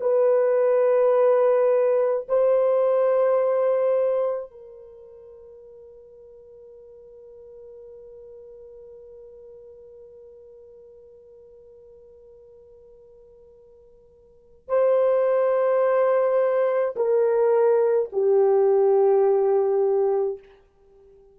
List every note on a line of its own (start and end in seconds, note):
0.00 2.26 B4
2.28 4.50 C5
4.50 14.68 A#4
14.68 16.95 C5
16.96 18.09 A#4
18.12 20.39 G4